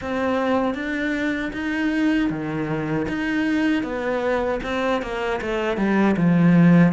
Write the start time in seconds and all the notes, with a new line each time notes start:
0.01 C4
0.74 D4
1.52 D#4
2.29 D#3
3.08 D#4
3.83 B3
4.63 C4
5.02 A#3
5.41 A3
5.77 G3
6.16 F3